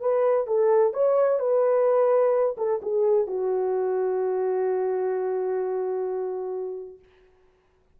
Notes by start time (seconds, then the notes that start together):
0.00 B4
0.47 A4
0.93 C#5
1.39 B4
2.57 A4
2.82 G#4
3.27 F#4